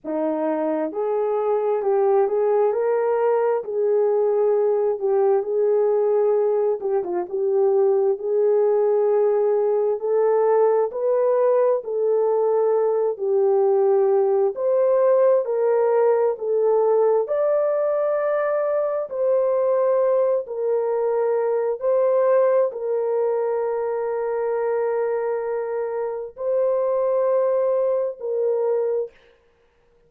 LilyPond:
\new Staff \with { instrumentName = "horn" } { \time 4/4 \tempo 4 = 66 dis'4 gis'4 g'8 gis'8 ais'4 | gis'4. g'8 gis'4. g'16 f'16 | g'4 gis'2 a'4 | b'4 a'4. g'4. |
c''4 ais'4 a'4 d''4~ | d''4 c''4. ais'4. | c''4 ais'2.~ | ais'4 c''2 ais'4 | }